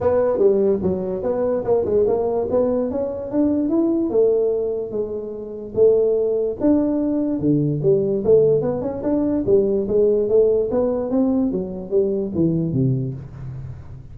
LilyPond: \new Staff \with { instrumentName = "tuba" } { \time 4/4 \tempo 4 = 146 b4 g4 fis4 b4 | ais8 gis8 ais4 b4 cis'4 | d'4 e'4 a2 | gis2 a2 |
d'2 d4 g4 | a4 b8 cis'8 d'4 g4 | gis4 a4 b4 c'4 | fis4 g4 e4 c4 | }